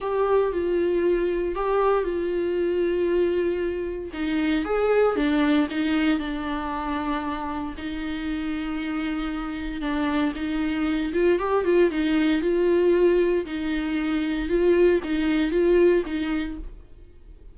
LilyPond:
\new Staff \with { instrumentName = "viola" } { \time 4/4 \tempo 4 = 116 g'4 f'2 g'4 | f'1 | dis'4 gis'4 d'4 dis'4 | d'2. dis'4~ |
dis'2. d'4 | dis'4. f'8 g'8 f'8 dis'4 | f'2 dis'2 | f'4 dis'4 f'4 dis'4 | }